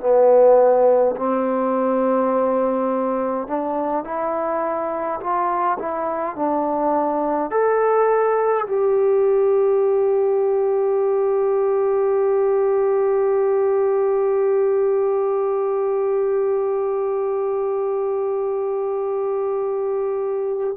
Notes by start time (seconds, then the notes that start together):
0.00 B3
1.16 C4
3.48 D4
4.04 E4
5.20 F4
5.79 E4
6.36 D4
7.51 A4
8.67 G4